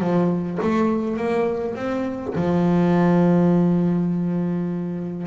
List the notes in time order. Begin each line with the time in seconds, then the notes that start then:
0.00 F3
0.62 A3
1.17 A#3
1.75 C4
2.35 F3